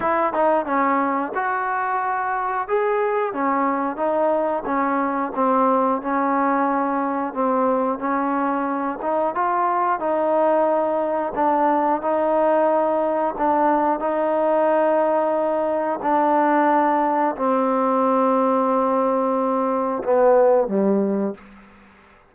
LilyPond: \new Staff \with { instrumentName = "trombone" } { \time 4/4 \tempo 4 = 90 e'8 dis'8 cis'4 fis'2 | gis'4 cis'4 dis'4 cis'4 | c'4 cis'2 c'4 | cis'4. dis'8 f'4 dis'4~ |
dis'4 d'4 dis'2 | d'4 dis'2. | d'2 c'2~ | c'2 b4 g4 | }